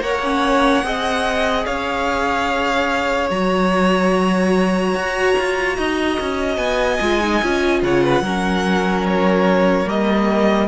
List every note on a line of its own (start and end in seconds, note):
0.00 0.83 A#3
0.00 0.21 A#4
0.00 0.85 C#5
0.00 1.65 F#5
0.22 0.83 C#4
0.83 1.65 C4
0.83 3.29 G#4
0.83 1.65 D#5
1.65 3.30 C#4
1.65 5.76 C#5
1.65 3.29 F5
3.30 4.94 F#3
3.30 7.00 F#4
3.30 6.56 A#5
4.94 5.35 F#4
5.38 5.77 F4
5.77 6.18 D#4
5.77 7.82 D#5
6.19 6.57 C#4
6.56 6.98 B3
6.56 7.79 G#5
7.00 7.41 G#3
7.00 7.20 F4
7.20 7.41 D#4
7.42 7.82 C#4
7.42 8.24 F4
7.82 8.20 C#3
7.82 8.03 C#5
7.82 9.06 F#5
8.03 8.23 B4
8.20 9.85 F#3
8.20 9.85 C#4
8.20 10.68 A#4
9.07 9.89 C#5
9.85 10.68 G3
9.85 10.67 A#3
9.85 10.68 D#5